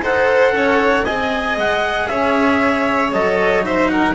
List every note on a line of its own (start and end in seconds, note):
0.00 0.52 D#4
0.00 1.05 A4
0.00 0.54 C5
0.00 1.04 F#5
0.52 1.03 C#4
0.52 1.05 C#5
1.04 1.57 C4
1.04 3.13 G#4
1.04 2.08 D#5
1.04 1.56 G#5
1.57 2.08 G#3
1.57 2.08 F#5
2.08 3.12 C#4
2.08 3.65 C#5
2.08 3.11 E5
3.12 4.15 F#3
3.12 3.62 A4
3.12 3.64 D#5
3.62 4.14 D#4
3.62 3.91 C5
3.62 3.88 E5
3.88 4.15 A#4
3.88 4.14 F#5